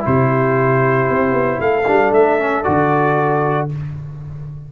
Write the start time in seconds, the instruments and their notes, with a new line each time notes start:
0.00 trombone E4, horn G4, trumpet C5
0.06 tuba C3
1.10 tuba C4
1.32 tuba B3
1.60 tuba A3, horn A4, trumpet F5
1.88 tuba G3, trombone D4
2.12 tuba A3, trumpet E5
2.40 trombone C#4
2.63 tuba D3, trombone F#4, trumpet D5